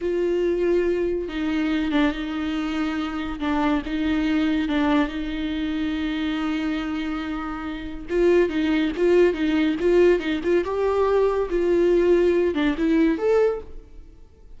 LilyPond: \new Staff \with { instrumentName = "viola" } { \time 4/4 \tempo 4 = 141 f'2. dis'4~ | dis'8 d'8 dis'2. | d'4 dis'2 d'4 | dis'1~ |
dis'2. f'4 | dis'4 f'4 dis'4 f'4 | dis'8 f'8 g'2 f'4~ | f'4. d'8 e'4 a'4 | }